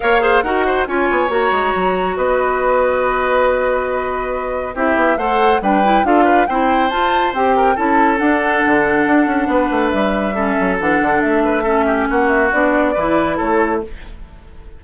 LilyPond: <<
  \new Staff \with { instrumentName = "flute" } { \time 4/4 \tempo 4 = 139 f''4 fis''4 gis''4 ais''4~ | ais''4 dis''2.~ | dis''2. e''4 | fis''4 g''4 f''4 g''4 |
a''4 g''4 a''4 fis''4~ | fis''2. e''4~ | e''4 fis''4 e''2 | fis''8 e''8 d''2 cis''4 | }
  \new Staff \with { instrumentName = "oboe" } { \time 4/4 cis''8 c''8 ais'8 c''8 cis''2~ | cis''4 b'2.~ | b'2. g'4 | c''4 b'4 a'8 b'8 c''4~ |
c''4. ais'8 a'2~ | a'2 b'2 | a'2~ a'8 b'8 a'8 g'8 | fis'2 b'4 a'4 | }
  \new Staff \with { instrumentName = "clarinet" } { \time 4/4 ais'8 gis'8 fis'4 f'4 fis'4~ | fis'1~ | fis'2. e'4 | a'4 d'8 e'8 f'4 e'4 |
f'4 g'4 e'4 d'4~ | d'1 | cis'4 d'2 cis'4~ | cis'4 d'4 e'2 | }
  \new Staff \with { instrumentName = "bassoon" } { \time 4/4 ais4 dis'4 cis'8 b8 ais8 gis8 | fis4 b2.~ | b2. c'8 b8 | a4 g4 d'4 c'4 |
f'4 c'4 cis'4 d'4 | d4 d'8 cis'8 b8 a8 g4~ | g8 fis8 e8 d8 a2 | ais4 b4 e4 a4 | }
>>